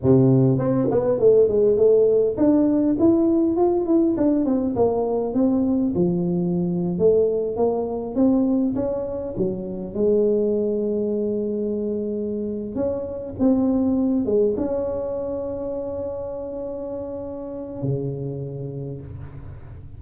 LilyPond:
\new Staff \with { instrumentName = "tuba" } { \time 4/4 \tempo 4 = 101 c4 c'8 b8 a8 gis8 a4 | d'4 e'4 f'8 e'8 d'8 c'8 | ais4 c'4 f4.~ f16 a16~ | a8. ais4 c'4 cis'4 fis16~ |
fis8. gis2.~ gis16~ | gis4. cis'4 c'4. | gis8 cis'2.~ cis'8~ | cis'2 cis2 | }